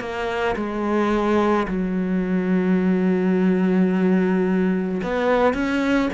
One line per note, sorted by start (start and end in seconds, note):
0.00 0.56 A#3
0.56 1.67 G#3
1.68 5.01 F#3
5.03 5.54 B3
5.54 6.09 C#4